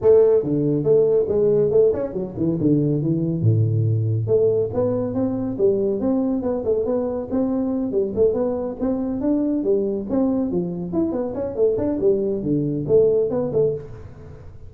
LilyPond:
\new Staff \with { instrumentName = "tuba" } { \time 4/4 \tempo 4 = 140 a4 d4 a4 gis4 | a8 cis'8 fis8 e8 d4 e4 | a,2 a4 b4 | c'4 g4 c'4 b8 a8 |
b4 c'4. g8 a8 b8~ | b8 c'4 d'4 g4 c'8~ | c'8 f4 e'8 b8 cis'8 a8 d'8 | g4 d4 a4 b8 a8 | }